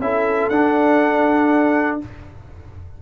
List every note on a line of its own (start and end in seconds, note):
0.00 0.50 C#4
0.00 0.52 E4
0.00 2.02 A4
0.00 0.49 E5
0.49 1.99 D4
0.49 2.02 D4
0.49 1.98 F#5